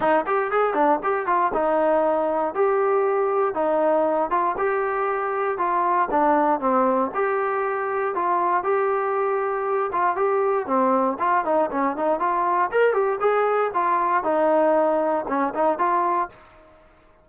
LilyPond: \new Staff \with { instrumentName = "trombone" } { \time 4/4 \tempo 4 = 118 dis'8 g'8 gis'8 d'8 g'8 f'8 dis'4~ | dis'4 g'2 dis'4~ | dis'8 f'8 g'2 f'4 | d'4 c'4 g'2 |
f'4 g'2~ g'8 f'8 | g'4 c'4 f'8 dis'8 cis'8 dis'8 | f'4 ais'8 g'8 gis'4 f'4 | dis'2 cis'8 dis'8 f'4 | }